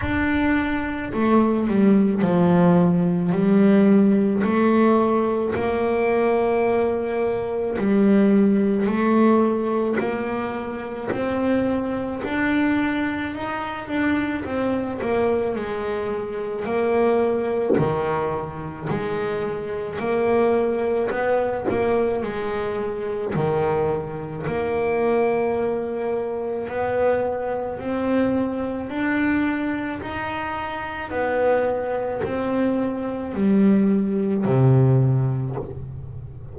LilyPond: \new Staff \with { instrumentName = "double bass" } { \time 4/4 \tempo 4 = 54 d'4 a8 g8 f4 g4 | a4 ais2 g4 | a4 ais4 c'4 d'4 | dis'8 d'8 c'8 ais8 gis4 ais4 |
dis4 gis4 ais4 b8 ais8 | gis4 dis4 ais2 | b4 c'4 d'4 dis'4 | b4 c'4 g4 c4 | }